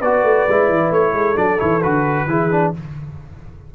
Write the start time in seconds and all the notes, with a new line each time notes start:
0.00 B3 F#4 B4 D5
0.23 A3
0.48 G#3 E4
0.69 E3
0.91 A3 C#5
1.13 G#3 A4
1.36 F#3 D4 D5
1.58 E3 E4 C#5
1.82 D3 F#4 B4
2.27 E3 E4 G#4
2.51 D4